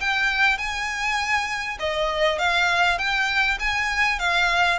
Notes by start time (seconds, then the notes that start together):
0.00 G5
0.58 G#5
1.79 D#5
2.39 F5
2.98 G5
3.59 G#5
4.19 F5